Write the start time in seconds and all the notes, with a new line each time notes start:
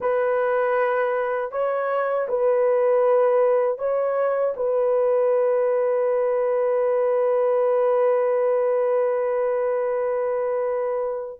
0.00 B4
1.51 C#5
2.28 B4
3.78 C#5
4.56 B4